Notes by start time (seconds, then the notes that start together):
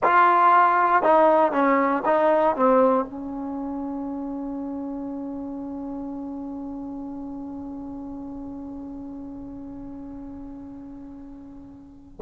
0.03 F4
1.02 D#4
1.52 C#4
2.05 D#4
2.56 C4
3.05 C#4